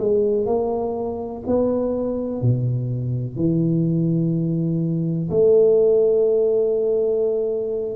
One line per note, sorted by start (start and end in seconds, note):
0.00 0.47 G#3
0.47 1.43 A#3
1.47 2.42 B3
2.42 3.37 B2
3.37 5.30 E3
5.31 7.97 A3